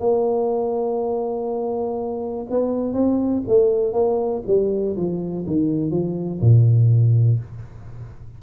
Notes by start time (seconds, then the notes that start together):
0.00 A#3
2.50 B3
2.93 C4
3.48 A3
3.93 A#3
4.47 G3
4.96 F3
5.47 D#3
5.91 F3
6.41 A#2